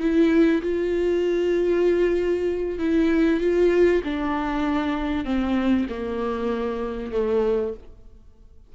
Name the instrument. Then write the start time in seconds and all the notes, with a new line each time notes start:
viola
0.00 E4
0.62 F4
2.79 E4
3.40 F4
4.04 D4
5.25 C4
5.90 A#3
7.12 A3